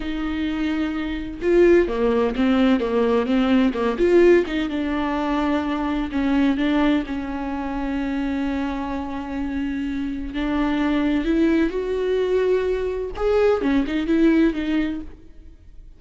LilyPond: \new Staff \with { instrumentName = "viola" } { \time 4/4 \tempo 4 = 128 dis'2. f'4 | ais4 c'4 ais4 c'4 | ais8 f'4 dis'8 d'2~ | d'4 cis'4 d'4 cis'4~ |
cis'1~ | cis'2 d'2 | e'4 fis'2. | gis'4 cis'8 dis'8 e'4 dis'4 | }